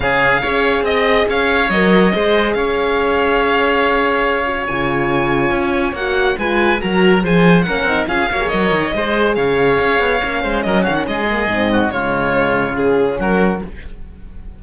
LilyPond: <<
  \new Staff \with { instrumentName = "violin" } { \time 4/4 \tempo 4 = 141 f''2 dis''4 f''4 | dis''2 f''2~ | f''2. gis''4~ | gis''2 fis''4 gis''4 |
ais''4 gis''4 fis''4 f''4 | dis''2 f''2~ | f''4 dis''8 f''16 fis''16 dis''2 | cis''2 gis'4 ais'4 | }
  \new Staff \with { instrumentName = "oboe" } { \time 4/4 gis'4 cis''4 dis''4 cis''4~ | cis''4 c''4 cis''2~ | cis''1~ | cis''2. b'4 |
ais'4 c''4 ais'4 gis'8 cis''8~ | cis''4 c''4 cis''2~ | cis''8 c''8 ais'8 fis'8 gis'4. fis'8 | f'2. fis'4 | }
  \new Staff \with { instrumentName = "horn" } { \time 4/4 cis'4 gis'2. | ais'4 gis'2.~ | gis'2~ gis'8 fis'8 f'4~ | f'2 fis'4 f'4 |
fis'4 gis'4 cis'8 dis'8 f'8 fis'16 gis'16 | ais'4 gis'2. | cis'2~ cis'8 ais8 c'4 | gis2 cis'2 | }
  \new Staff \with { instrumentName = "cello" } { \time 4/4 cis4 cis'4 c'4 cis'4 | fis4 gis4 cis'2~ | cis'2. cis4~ | cis4 cis'4 ais4 gis4 |
fis4 f4 ais8 c'8 cis'8 ais8 | fis8 dis8 gis4 cis4 cis'8 b8 | ais8 gis8 fis8 dis8 gis4 gis,4 | cis2. fis4 | }
>>